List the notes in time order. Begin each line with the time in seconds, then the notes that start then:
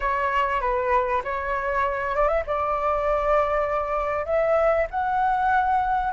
0.00 C#5
0.60 B4
1.24 C#5
2.15 D5
2.28 E5
2.46 D5
4.25 E5
4.90 F#5